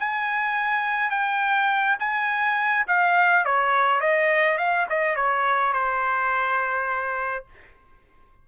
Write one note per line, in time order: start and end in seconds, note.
0.00 1.10 G#5
1.10 1.97 G5
2.00 2.86 G#5
2.88 3.45 F5
3.45 4.01 C#5
4.01 4.58 D#5
4.58 4.87 F5
4.90 5.16 D#5
5.16 5.73 C#5
5.73 7.46 C5